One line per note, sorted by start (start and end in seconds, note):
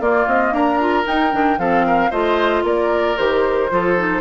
0.00 0.26 A#3
0.00 0.80 A#3
0.00 0.54 F4
0.00 0.28 D5
0.27 0.52 C4
0.27 0.54 D#5
0.52 1.05 D4
0.52 1.60 A#4
0.52 1.07 A#5
0.80 1.04 F4
1.04 1.30 D#4
1.04 1.33 D#4
1.04 1.59 G5
1.31 1.58 D#3
1.31 1.58 D4
1.58 2.11 F3
1.58 2.11 C4
1.58 1.86 A4
1.58 2.11 F5
1.87 2.11 A#4
2.11 2.63 A3
2.11 3.17 F4
2.11 2.63 C5
2.11 2.64 D#5
2.63 3.16 A#3
2.63 3.71 A#4
2.63 3.17 D5
3.17 3.71 D#3
3.17 3.70 G4
3.17 4.21 C5
3.71 4.21 F3
3.71 3.97 F4
3.71 4.21 A4
3.97 4.21 D#4